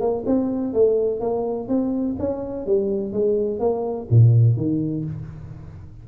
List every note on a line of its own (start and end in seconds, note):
0.00 0.24 A#3
0.26 0.74 C4
0.74 1.20 A3
1.20 1.68 A#3
1.68 2.16 C4
2.19 2.66 C#4
2.66 3.12 G3
3.12 3.59 G#3
3.59 4.07 A#3
4.10 4.56 A#2
4.56 5.04 D#3